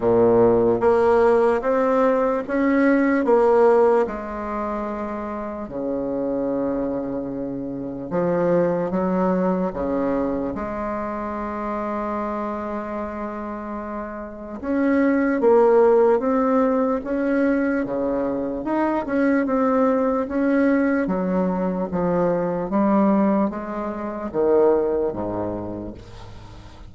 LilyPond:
\new Staff \with { instrumentName = "bassoon" } { \time 4/4 \tempo 4 = 74 ais,4 ais4 c'4 cis'4 | ais4 gis2 cis4~ | cis2 f4 fis4 | cis4 gis2.~ |
gis2 cis'4 ais4 | c'4 cis'4 cis4 dis'8 cis'8 | c'4 cis'4 fis4 f4 | g4 gis4 dis4 gis,4 | }